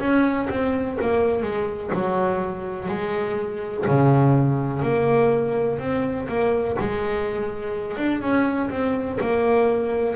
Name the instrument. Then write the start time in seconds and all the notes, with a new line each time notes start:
double bass
0.00 C#4
0.50 C4
1.02 A#3
1.43 G#3
1.94 F#3
2.89 G#3
3.87 C#3
4.83 A#3
5.79 C4
6.29 A#3
6.80 G#3
7.98 D4
8.22 C#4
8.71 C4
9.21 A#3